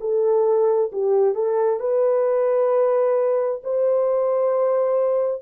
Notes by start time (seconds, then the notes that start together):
0.00 A4
0.92 G4
1.35 A4
1.79 B4
3.63 C5